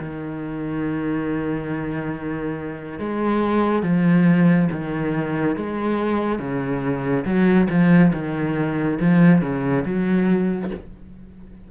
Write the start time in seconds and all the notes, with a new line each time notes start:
0.00 D#3
2.99 G#3
3.83 F3
4.71 D#3
5.56 G#3
6.39 C#3
7.25 F#3
7.69 F3
8.13 D#3
9.01 F3
9.42 C#3
9.85 F#3